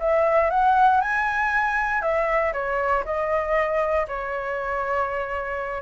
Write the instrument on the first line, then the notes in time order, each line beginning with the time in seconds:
flute
0.00 E5
0.50 F#5
1.01 G#5
2.02 E5
2.53 C#5
3.05 D#5
4.08 C#5